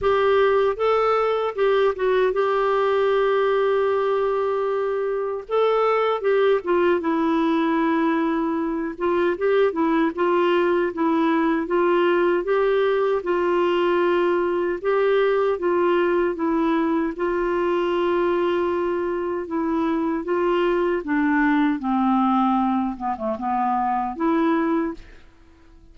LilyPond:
\new Staff \with { instrumentName = "clarinet" } { \time 4/4 \tempo 4 = 77 g'4 a'4 g'8 fis'8 g'4~ | g'2. a'4 | g'8 f'8 e'2~ e'8 f'8 | g'8 e'8 f'4 e'4 f'4 |
g'4 f'2 g'4 | f'4 e'4 f'2~ | f'4 e'4 f'4 d'4 | c'4. b16 a16 b4 e'4 | }